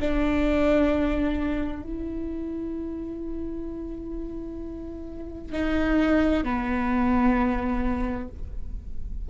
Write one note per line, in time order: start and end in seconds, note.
0.00 1.83 D4
1.83 5.53 E4
5.53 6.44 D#4
6.44 8.29 B3